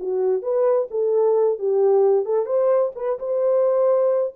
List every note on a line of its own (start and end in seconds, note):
0.00 0.43 F#4
0.43 0.88 B4
0.91 1.59 A4
1.59 2.26 G4
2.26 2.46 A4
2.46 2.92 C5
2.96 3.19 B4
3.19 4.34 C5